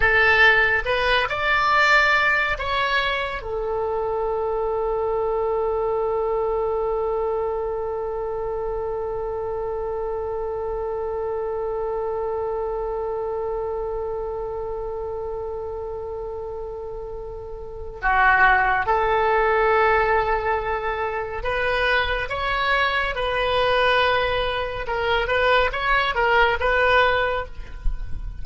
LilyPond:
\new Staff \with { instrumentName = "oboe" } { \time 4/4 \tempo 4 = 70 a'4 b'8 d''4. cis''4 | a'1~ | a'1~ | a'1~ |
a'1~ | a'4 fis'4 a'2~ | a'4 b'4 cis''4 b'4~ | b'4 ais'8 b'8 cis''8 ais'8 b'4 | }